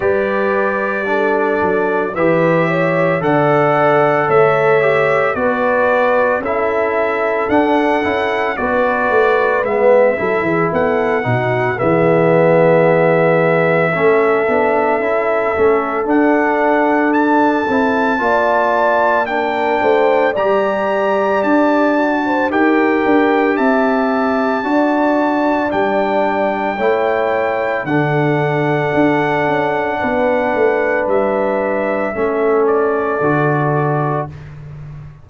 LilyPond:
<<
  \new Staff \with { instrumentName = "trumpet" } { \time 4/4 \tempo 4 = 56 d''2 e''4 fis''4 | e''4 d''4 e''4 fis''4 | d''4 e''4 fis''4 e''4~ | e''2. fis''4 |
a''2 g''4 ais''4 | a''4 g''4 a''2 | g''2 fis''2~ | fis''4 e''4. d''4. | }
  \new Staff \with { instrumentName = "horn" } { \time 4/4 b'4 a'4 b'8 cis''8 d''4 | cis''4 b'4 a'2 | b'4. a'16 gis'16 a'8 fis'8 gis'4~ | gis'4 a'2.~ |
a'4 d''4 ais'8 c''8 d''4~ | d''8. c''16 ais'4 e''4 d''4~ | d''4 cis''4 a'2 | b'2 a'2 | }
  \new Staff \with { instrumentName = "trombone" } { \time 4/4 g'4 d'4 g'4 a'4~ | a'8 g'8 fis'4 e'4 d'8 e'8 | fis'4 b8 e'4 dis'8 b4~ | b4 cis'8 d'8 e'8 cis'8 d'4~ |
d'8 e'8 f'4 d'4 g'4~ | g'8 fis'8 g'2 fis'4 | d'4 e'4 d'2~ | d'2 cis'4 fis'4 | }
  \new Staff \with { instrumentName = "tuba" } { \time 4/4 g4. fis8 e4 d4 | a4 b4 cis'4 d'8 cis'8 | b8 a8 gis8 fis16 e16 b8 b,8 e4~ | e4 a8 b8 cis'8 a8 d'4~ |
d'8 c'8 ais4. a8 g4 | d'4 dis'8 d'8 c'4 d'4 | g4 a4 d4 d'8 cis'8 | b8 a8 g4 a4 d4 | }
>>